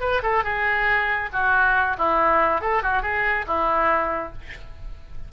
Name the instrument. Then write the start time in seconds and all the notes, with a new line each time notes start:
oboe
0.00 B4
0.23 A4
0.44 G#4
1.32 F#4
1.98 E4
2.61 A4
2.82 F#4
3.02 G#4
3.47 E4